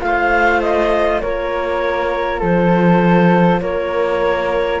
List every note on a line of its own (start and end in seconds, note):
0.00 1.21 A3
0.00 1.20 F4
0.00 1.23 C5
0.00 0.60 F5
0.60 1.20 D#5
1.20 2.41 A#3
1.20 4.80 F4
1.20 2.39 A#4
1.20 2.40 C#5
2.39 3.61 F3
2.39 3.59 A4
2.39 3.60 C5
3.60 4.80 A#3
3.60 4.80 A#4
3.60 4.80 C#5